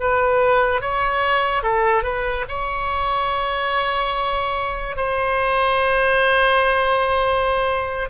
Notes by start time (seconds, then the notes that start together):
0.00 B4
0.81 C#5
1.63 A4
2.03 B4
2.48 C#5
4.97 C5